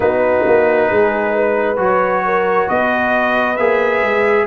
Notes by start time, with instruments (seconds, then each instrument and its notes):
0.00 tuba B3, trombone D#4, horn F#4, trumpet B4
0.46 tuba A#3
0.90 tuba G#3, horn G#4
1.34 horn B4
1.76 tuba F#3, trombone F#4, trumpet C#5
2.25 horn A#4
2.68 tuba B3, horn B4, trumpet D#5
3.56 tuba A#3, trombone G#4, trumpet E5
4.01 tuba G#3